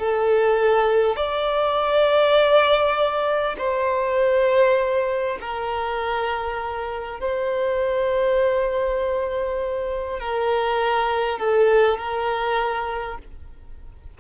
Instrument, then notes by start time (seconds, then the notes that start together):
violin
0.00 A4
1.16 D5
3.59 C5
5.41 A#4
7.21 C5
10.20 A#4
11.39 A4
11.98 A#4